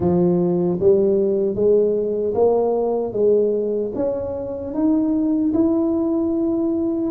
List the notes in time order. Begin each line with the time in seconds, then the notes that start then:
0.00 F3
0.80 G3
1.55 G#3
2.34 A#3
3.13 G#3
3.95 C#4
4.74 D#4
5.54 E4